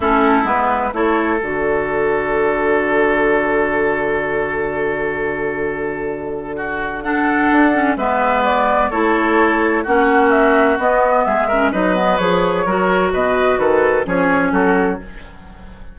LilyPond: <<
  \new Staff \with { instrumentName = "flute" } { \time 4/4 \tempo 4 = 128 a'4 b'4 cis''4 d''4~ | d''1~ | d''1~ | d''2. fis''4~ |
fis''4 e''4 d''4 cis''4~ | cis''4 fis''4 e''4 dis''4 | e''4 dis''4 cis''2 | dis''4 b'4 cis''4 a'4 | }
  \new Staff \with { instrumentName = "oboe" } { \time 4/4 e'2 a'2~ | a'1~ | a'1~ | a'2 fis'4 a'4~ |
a'4 b'2 a'4~ | a'4 fis'2. | gis'8 ais'8 b'2 ais'4 | b'4 a'4 gis'4 fis'4 | }
  \new Staff \with { instrumentName = "clarinet" } { \time 4/4 cis'4 b4 e'4 fis'4~ | fis'1~ | fis'1~ | fis'2. d'4~ |
d'8 cis'8 b2 e'4~ | e'4 cis'2 b4~ | b8 cis'8 dis'8 b8 gis'4 fis'4~ | fis'2 cis'2 | }
  \new Staff \with { instrumentName = "bassoon" } { \time 4/4 a4 gis4 a4 d4~ | d1~ | d1~ | d1 |
d'4 gis2 a4~ | a4 ais2 b4 | gis4 fis4 f4 fis4 | b,4 dis4 f4 fis4 | }
>>